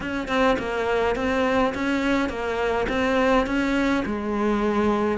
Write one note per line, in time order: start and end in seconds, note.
0.00 0.28 C#4
0.28 0.56 C4
0.58 1.15 A#3
1.15 1.73 C4
1.74 2.29 C#4
2.29 2.86 A#3
2.88 3.46 C4
3.46 4.04 C#4
4.05 5.18 G#3